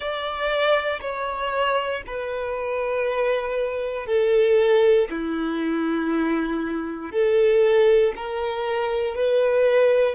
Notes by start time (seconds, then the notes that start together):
0.00 D5
1.00 C#5
2.06 B4
4.06 A4
5.10 E4
7.11 A4
8.15 A#4
9.15 B4